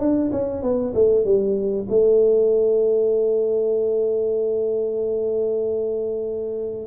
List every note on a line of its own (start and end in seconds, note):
0.00 0.31 D4
0.32 0.63 C#4
0.63 0.94 B3
0.95 1.25 A3
1.25 1.88 G3
1.90 6.88 A3